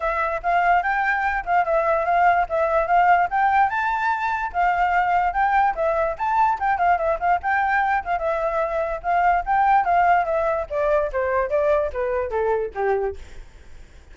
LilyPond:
\new Staff \with { instrumentName = "flute" } { \time 4/4 \tempo 4 = 146 e''4 f''4 g''4. f''8 | e''4 f''4 e''4 f''4 | g''4 a''2 f''4~ | f''4 g''4 e''4 a''4 |
g''8 f''8 e''8 f''8 g''4. f''8 | e''2 f''4 g''4 | f''4 e''4 d''4 c''4 | d''4 b'4 a'4 g'4 | }